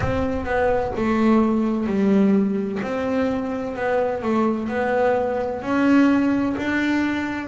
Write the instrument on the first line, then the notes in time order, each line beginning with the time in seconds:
double bass
0.00 C4
0.45 B3
0.96 A3
1.86 G3
2.82 C4
3.76 B3
4.22 A3
4.68 B3
5.62 C#4
6.57 D4